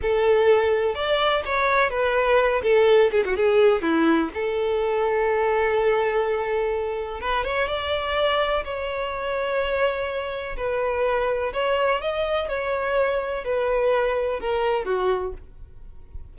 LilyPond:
\new Staff \with { instrumentName = "violin" } { \time 4/4 \tempo 4 = 125 a'2 d''4 cis''4 | b'4. a'4 gis'16 fis'16 gis'4 | e'4 a'2.~ | a'2. b'8 cis''8 |
d''2 cis''2~ | cis''2 b'2 | cis''4 dis''4 cis''2 | b'2 ais'4 fis'4 | }